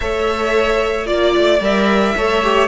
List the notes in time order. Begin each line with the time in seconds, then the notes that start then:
0.00 A3 A4 C#5 E5
1.06 A#3 F4 D5
1.37 A3
1.60 G3 A#4 E5
2.16 A3 A4 C#5
2.43 G4